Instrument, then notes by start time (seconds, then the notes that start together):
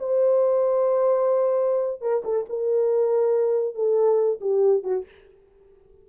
horn
0.00 C5
2.02 A#4
2.25 A4
2.50 A#4
3.75 A4
4.41 G4
4.84 F#4